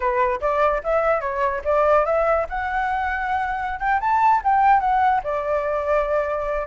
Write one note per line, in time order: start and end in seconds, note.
0.00 0.40 B4
0.40 0.81 D5
0.83 1.20 E5
1.20 1.61 C#5
1.64 2.05 D5
2.05 2.46 E5
2.49 3.79 F#5
3.79 4.00 G5
4.00 4.41 A5
4.43 4.80 G5
4.80 5.21 F#5
5.23 6.67 D5